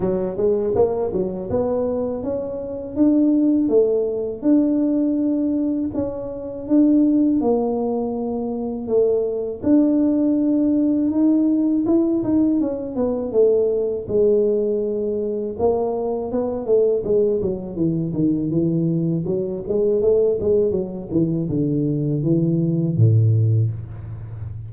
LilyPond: \new Staff \with { instrumentName = "tuba" } { \time 4/4 \tempo 4 = 81 fis8 gis8 ais8 fis8 b4 cis'4 | d'4 a4 d'2 | cis'4 d'4 ais2 | a4 d'2 dis'4 |
e'8 dis'8 cis'8 b8 a4 gis4~ | gis4 ais4 b8 a8 gis8 fis8 | e8 dis8 e4 fis8 gis8 a8 gis8 | fis8 e8 d4 e4 a,4 | }